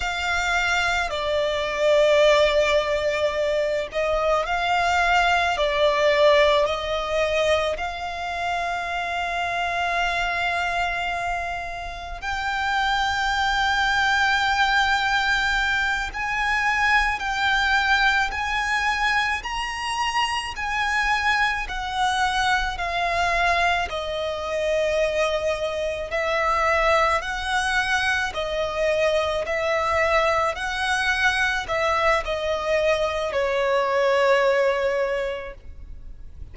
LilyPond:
\new Staff \with { instrumentName = "violin" } { \time 4/4 \tempo 4 = 54 f''4 d''2~ d''8 dis''8 | f''4 d''4 dis''4 f''4~ | f''2. g''4~ | g''2~ g''8 gis''4 g''8~ |
g''8 gis''4 ais''4 gis''4 fis''8~ | fis''8 f''4 dis''2 e''8~ | e''8 fis''4 dis''4 e''4 fis''8~ | fis''8 e''8 dis''4 cis''2 | }